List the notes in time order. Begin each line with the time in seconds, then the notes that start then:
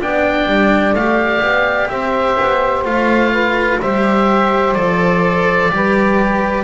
0.00 B3 D4 D5 G5
0.47 G3
0.93 A3 G4 F5
1.41 B3
1.88 C4 C5 E5
2.41 B3
2.85 A3 F4 F5
3.32 B4
3.81 G3 G4 C5 E5
4.74 F3 A4 D5
5.71 G3 G4 B4